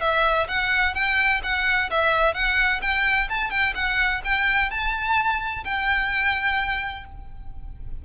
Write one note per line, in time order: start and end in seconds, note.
0.00 0.47 E5
0.48 0.94 F#5
0.94 1.41 G5
1.43 1.90 F#5
1.90 2.34 E5
2.34 2.80 F#5
2.81 3.28 G5
3.29 3.50 A5
3.50 3.73 G5
3.74 4.21 F#5
4.24 4.70 G5
4.70 5.64 A5
5.64 7.05 G5